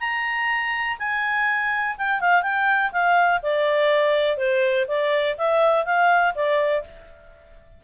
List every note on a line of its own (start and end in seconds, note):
0.00 0.98 A#5
0.99 1.96 G#5
1.98 2.20 G5
2.20 2.42 F5
2.42 2.91 G5
2.92 3.41 F5
3.42 4.37 D5
4.37 4.86 C5
4.88 5.37 D5
5.37 5.85 E5
5.85 6.34 F5
6.35 6.84 D5